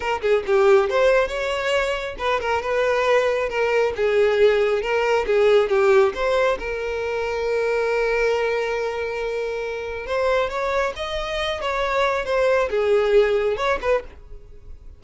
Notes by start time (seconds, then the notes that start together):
0.00 A#4
0.21 G#4
0.46 G4
0.89 C5
1.28 C#5
2.18 B4
2.40 A#4
2.62 B4
3.49 A#4
3.96 G#4
4.82 A#4
5.26 G#4
5.69 G4
6.14 C5
6.58 A#4
10.06 C5
10.49 C#5
10.95 D#5
11.61 C#5
12.25 C5
12.69 G#4
13.57 C#5
13.81 B4